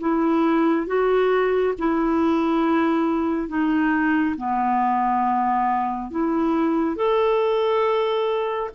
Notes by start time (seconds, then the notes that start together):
0.00 E4
0.87 F#4
1.79 E4
3.49 D#4
4.37 B3
6.11 E4
6.96 A4